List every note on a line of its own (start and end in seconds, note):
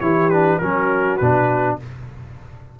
0.00 0.60 E3
0.00 0.30 E4
0.00 0.60 G4
0.00 0.29 C#5
0.29 0.61 D4
0.29 0.58 B4
0.58 1.20 F#3
0.58 1.20 C#4
0.58 1.78 F#4
0.58 1.17 A#4
1.17 1.79 B2
1.17 1.79 D4
1.17 1.76 B4